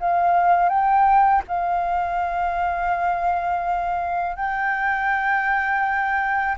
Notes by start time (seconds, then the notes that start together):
0.00 F5
0.69 G5
1.48 F5
4.36 G5